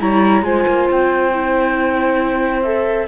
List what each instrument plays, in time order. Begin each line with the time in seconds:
0.00 cello G3, viola E4, saxophone C#5, flute A#5
0.42 cello G#3, viola F4, saxophone C5, flute G#5
0.67 cello A#3
0.90 cello C4, flute G5
1.34 viola E4
2.63 viola A4, flute E5